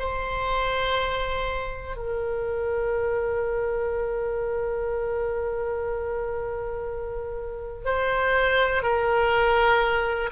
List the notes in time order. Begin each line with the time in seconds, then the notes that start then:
0.00 C5
1.97 A#4
7.86 C5
8.83 A#4